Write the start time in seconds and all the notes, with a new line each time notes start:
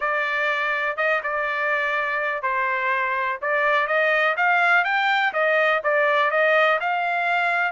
0.00 D5
0.97 D#5
1.23 D5
2.42 C5
3.41 D5
3.87 D#5
4.36 F5
4.84 G5
5.33 D#5
5.83 D5
6.30 D#5
6.80 F5